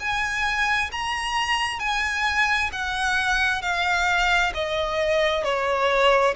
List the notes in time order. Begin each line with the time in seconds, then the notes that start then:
0.00 G#5
0.92 A#5
1.79 G#5
2.72 F#5
3.62 F5
4.55 D#5
5.44 C#5